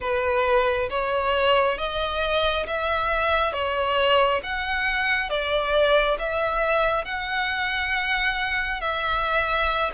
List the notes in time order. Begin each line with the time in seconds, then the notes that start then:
0.00 B4
0.89 C#5
1.78 D#5
2.66 E5
3.53 C#5
4.43 F#5
5.29 D5
6.18 E5
7.04 F#5
8.80 E5